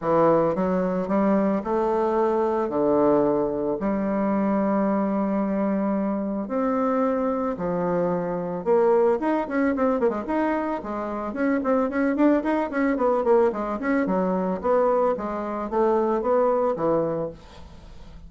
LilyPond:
\new Staff \with { instrumentName = "bassoon" } { \time 4/4 \tempo 4 = 111 e4 fis4 g4 a4~ | a4 d2 g4~ | g1 | c'2 f2 |
ais4 dis'8 cis'8 c'8 ais16 gis16 dis'4 | gis4 cis'8 c'8 cis'8 d'8 dis'8 cis'8 | b8 ais8 gis8 cis'8 fis4 b4 | gis4 a4 b4 e4 | }